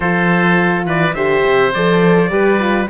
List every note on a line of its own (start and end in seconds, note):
0.00 0.85 F3
0.00 1.13 F4
0.00 0.86 A4
0.00 0.85 C5
0.85 1.14 E3
0.85 1.14 B4
0.85 1.14 D5
1.14 1.43 D3
1.14 1.73 G4
1.14 2.30 C5
1.14 1.71 E5
1.45 1.74 C3
1.73 2.29 F3
1.73 2.30 A4
1.73 2.89 D5
2.29 2.87 G3
2.29 2.58 G4
2.29 2.89 B4
2.59 2.88 F4